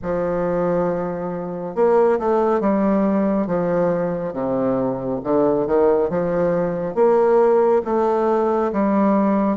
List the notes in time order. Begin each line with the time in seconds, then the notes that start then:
0.02 F3
1.75 A#3
2.19 A3
2.60 G3
3.46 F3
4.33 C3
5.23 D3
5.66 D#3
6.09 F3
6.94 A#3
7.84 A3
8.72 G3